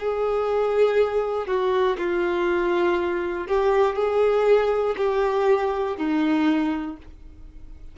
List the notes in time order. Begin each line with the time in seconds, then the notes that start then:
0.00 G#4
1.48 F#4
1.98 F4
3.48 G4
3.95 G#4
4.97 G4
5.98 D#4